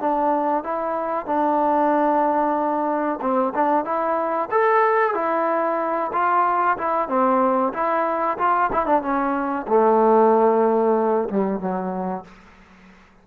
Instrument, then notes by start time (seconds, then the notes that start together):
trombone
0.00 D4
0.64 E4
1.26 D4
3.21 C4
3.54 D4
3.85 E4
4.51 A4
5.14 E4
6.13 F4
6.77 E4
7.09 C4
7.73 E4
8.38 F4
8.72 E4
8.86 D4
9.02 C#4
9.68 A3
11.29 G3
11.60 F#3